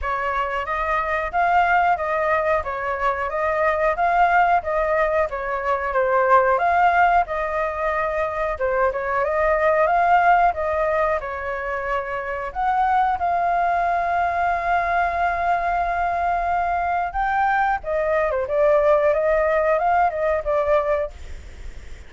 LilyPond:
\new Staff \with { instrumentName = "flute" } { \time 4/4 \tempo 4 = 91 cis''4 dis''4 f''4 dis''4 | cis''4 dis''4 f''4 dis''4 | cis''4 c''4 f''4 dis''4~ | dis''4 c''8 cis''8 dis''4 f''4 |
dis''4 cis''2 fis''4 | f''1~ | f''2 g''4 dis''8. c''16 | d''4 dis''4 f''8 dis''8 d''4 | }